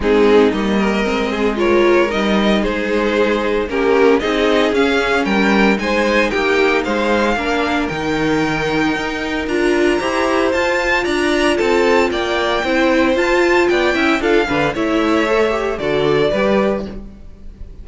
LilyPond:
<<
  \new Staff \with { instrumentName = "violin" } { \time 4/4 \tempo 4 = 114 gis'4 dis''2 cis''4 | dis''4 c''2 ais'4 | dis''4 f''4 g''4 gis''4 | g''4 f''2 g''4~ |
g''2 ais''2 | a''4 ais''4 a''4 g''4~ | g''4 a''4 g''4 f''4 | e''2 d''2 | }
  \new Staff \with { instrumentName = "violin" } { \time 4/4 dis'4. ais'4 gis'8 ais'4~ | ais'4 gis'2 g'4 | gis'2 ais'4 c''4 | g'4 c''4 ais'2~ |
ais'2. c''4~ | c''4 d''4 a'4 d''4 | c''2 d''8 e''8 a'8 b'8 | cis''2 a'4 b'4 | }
  \new Staff \with { instrumentName = "viola" } { \time 4/4 c'4 ais4 c'4 f'4 | dis'2. cis'4 | dis'4 cis'2 dis'4~ | dis'2 d'4 dis'4~ |
dis'2 f'4 g'4 | f'1 | e'4 f'4. e'8 f'8 d'8 | e'4 a'8 g'8 fis'4 g'4 | }
  \new Staff \with { instrumentName = "cello" } { \time 4/4 gis4 g4 gis2 | g4 gis2 ais4 | c'4 cis'4 g4 gis4 | ais4 gis4 ais4 dis4~ |
dis4 dis'4 d'4 e'4 | f'4 d'4 c'4 ais4 | c'4 f'4 b8 cis'8 d'8 d8 | a2 d4 g4 | }
>>